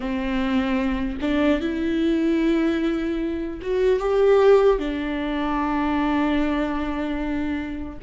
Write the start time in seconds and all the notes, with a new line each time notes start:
0.00 C4
1.21 D4
1.60 E4
3.61 F#4
3.99 G4
4.79 D4